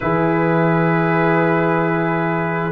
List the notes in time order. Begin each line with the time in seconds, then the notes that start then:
0.00 E3 E4 G#4 B4